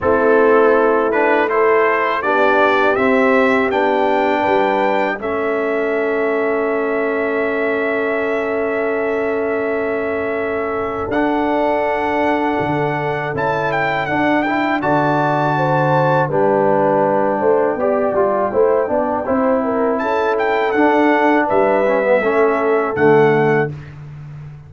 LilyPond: <<
  \new Staff \with { instrumentName = "trumpet" } { \time 4/4 \tempo 4 = 81 a'4. b'8 c''4 d''4 | e''4 g''2 e''4~ | e''1~ | e''2. fis''4~ |
fis''2 a''8 g''8 fis''8 g''8 | a''2 g''2~ | g''2. a''8 g''8 | fis''4 e''2 fis''4 | }
  \new Staff \with { instrumentName = "horn" } { \time 4/4 e'2 a'4 g'4~ | g'2 b'4 a'4~ | a'1~ | a'1~ |
a'1 | d''4 c''4 b'4. c''8 | d''4 c''8 d''8 c''8 ais'8 a'4~ | a'4 b'4 a'2 | }
  \new Staff \with { instrumentName = "trombone" } { \time 4/4 c'4. d'8 e'4 d'4 | c'4 d'2 cis'4~ | cis'1~ | cis'2. d'4~ |
d'2 e'4 d'8 e'8 | fis'2 d'2 | g'8 f'8 e'8 d'8 e'2 | d'4. cis'16 b16 cis'4 a4 | }
  \new Staff \with { instrumentName = "tuba" } { \time 4/4 a2. b4 | c'4 b4 g4 a4~ | a1~ | a2. d'4~ |
d'4 d4 cis'4 d'4 | d2 g4. a8 | b8 g8 a8 b8 c'4 cis'4 | d'4 g4 a4 d4 | }
>>